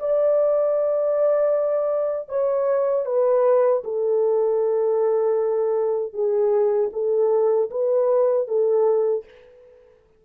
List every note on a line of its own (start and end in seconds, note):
0.00 2.29 D5
2.29 3.06 C#5
3.06 3.83 B4
3.85 6.14 A4
6.14 6.91 G#4
6.93 7.70 A4
7.71 8.48 B4
8.48 9.25 A4